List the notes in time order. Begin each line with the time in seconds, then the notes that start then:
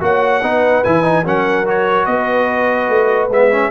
0.00 A#3 F#4 C#5 F#5
0.42 B3 D#4 B4
0.83 E3 E4 G#5
1.03 D#4
1.24 F#3 C#4 A#4 F#5
1.66 F#4 C#5
2.05 B3 B4 D#5
2.89 A3
3.29 G#3 B3 E5
3.51 C#4